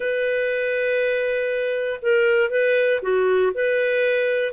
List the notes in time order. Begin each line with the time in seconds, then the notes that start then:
0.00 B4
2.01 A#4
2.50 B4
3.02 F#4
3.54 B4